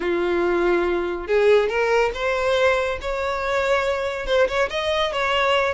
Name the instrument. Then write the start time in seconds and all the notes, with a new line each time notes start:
violin
0.00 F4
1.27 G#4
1.68 A#4
2.14 C5
3.01 C#5
4.26 C5
4.47 C#5
4.70 D#5
5.12 C#5